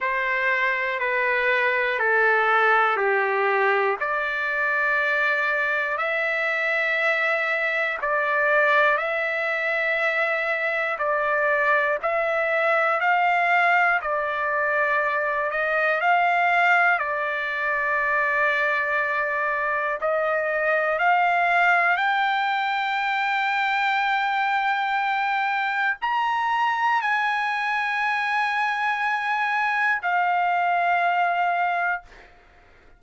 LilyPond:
\new Staff \with { instrumentName = "trumpet" } { \time 4/4 \tempo 4 = 60 c''4 b'4 a'4 g'4 | d''2 e''2 | d''4 e''2 d''4 | e''4 f''4 d''4. dis''8 |
f''4 d''2. | dis''4 f''4 g''2~ | g''2 ais''4 gis''4~ | gis''2 f''2 | }